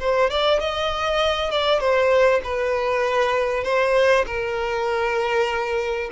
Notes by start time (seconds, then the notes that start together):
0.00 C5
0.30 D5
0.60 D#5
1.51 D5
1.80 C5
2.44 B4
3.64 C5
4.27 A#4